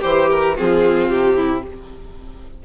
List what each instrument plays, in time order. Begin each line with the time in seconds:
0.00 bassoon E3, violin G4 C5, viola G4
0.30 violin A#4
0.55 bassoon F3, viola C4, violin F4 G#4
1.09 bassoon C3, violin G4
1.36 violin E4